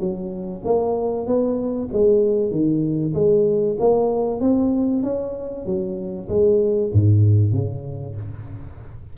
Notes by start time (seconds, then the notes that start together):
0.00 F#3
0.65 A#3
1.27 B3
1.93 G#3
2.51 D#3
3.14 G#3
3.80 A#3
4.41 C4
5.03 C#4
5.66 F#3
6.29 G#3
6.93 G#2
7.53 C#3